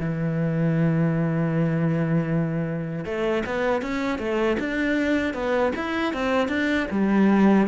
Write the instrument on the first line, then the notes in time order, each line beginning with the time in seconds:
cello
0.00 E3
3.05 A3
3.46 B3
3.82 C#4
4.19 A3
4.59 D4
5.34 B3
5.76 E4
6.13 C4
6.48 D4
6.91 G3